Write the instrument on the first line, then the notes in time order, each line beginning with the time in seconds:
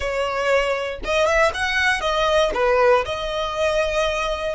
violin
0.00 C#5
1.04 D#5
1.26 E5
1.54 F#5
2.00 D#5
2.54 B4
3.05 D#5